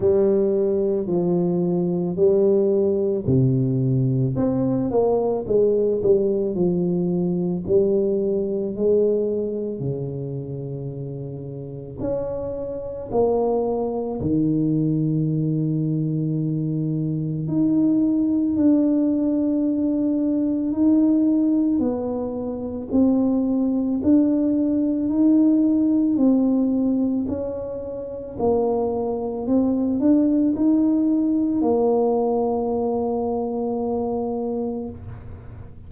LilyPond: \new Staff \with { instrumentName = "tuba" } { \time 4/4 \tempo 4 = 55 g4 f4 g4 c4 | c'8 ais8 gis8 g8 f4 g4 | gis4 cis2 cis'4 | ais4 dis2. |
dis'4 d'2 dis'4 | b4 c'4 d'4 dis'4 | c'4 cis'4 ais4 c'8 d'8 | dis'4 ais2. | }